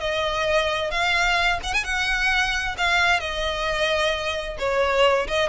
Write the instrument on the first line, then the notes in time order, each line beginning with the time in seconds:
violin
0.00 D#5
0.91 F5
1.63 F#5
1.74 G#5
1.84 F#5
2.78 F5
3.20 D#5
4.59 C#5
5.28 D#5